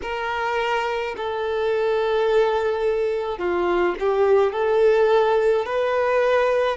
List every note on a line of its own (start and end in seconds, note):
0.02 1.15 A#4
1.16 3.38 A4
3.38 3.95 F4
3.99 4.52 G4
4.52 5.66 A4
5.66 6.77 B4